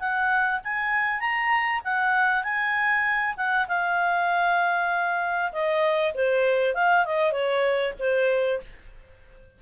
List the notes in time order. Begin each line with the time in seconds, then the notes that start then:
0.00 F#5
0.64 G#5
1.20 A#5
1.85 F#5
2.44 G#5
3.37 F#5
3.68 F5
5.53 D#5
6.15 C5
6.75 F5
7.05 D#5
7.32 C#5
8.00 C5